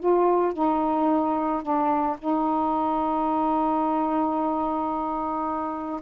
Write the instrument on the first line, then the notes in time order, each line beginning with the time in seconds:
saxophone
0.00 F4
0.53 D#4
1.63 D4
2.19 D#4